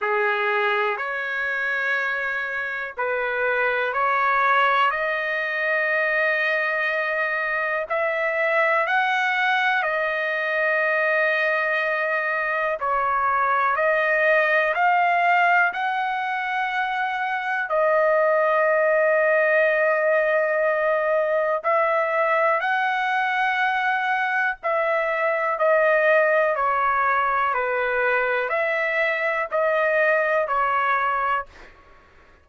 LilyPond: \new Staff \with { instrumentName = "trumpet" } { \time 4/4 \tempo 4 = 61 gis'4 cis''2 b'4 | cis''4 dis''2. | e''4 fis''4 dis''2~ | dis''4 cis''4 dis''4 f''4 |
fis''2 dis''2~ | dis''2 e''4 fis''4~ | fis''4 e''4 dis''4 cis''4 | b'4 e''4 dis''4 cis''4 | }